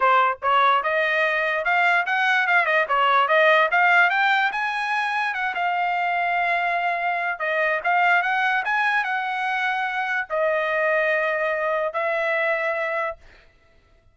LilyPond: \new Staff \with { instrumentName = "trumpet" } { \time 4/4 \tempo 4 = 146 c''4 cis''4 dis''2 | f''4 fis''4 f''8 dis''8 cis''4 | dis''4 f''4 g''4 gis''4~ | gis''4 fis''8 f''2~ f''8~ |
f''2 dis''4 f''4 | fis''4 gis''4 fis''2~ | fis''4 dis''2.~ | dis''4 e''2. | }